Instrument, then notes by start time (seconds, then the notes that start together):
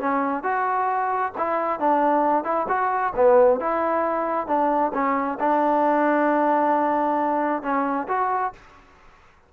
trombone
0.00 C#4
0.44 F#4
1.38 E4
1.80 D4
2.45 E4
2.69 F#4
3.16 B3
3.60 E4
4.48 D4
4.94 C#4
5.40 D4
7.63 C#4
8.08 F#4